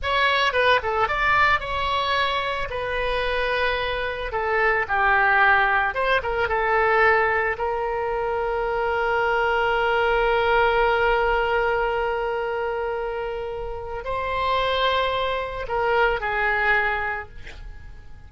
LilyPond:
\new Staff \with { instrumentName = "oboe" } { \time 4/4 \tempo 4 = 111 cis''4 b'8 a'8 d''4 cis''4~ | cis''4 b'2. | a'4 g'2 c''8 ais'8 | a'2 ais'2~ |
ais'1~ | ais'1~ | ais'2 c''2~ | c''4 ais'4 gis'2 | }